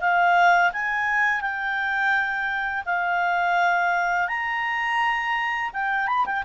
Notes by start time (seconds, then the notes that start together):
0.00 F5
0.72 G#5
1.41 G5
2.85 F5
4.28 A#5
5.73 G5
6.07 B5
6.25 G5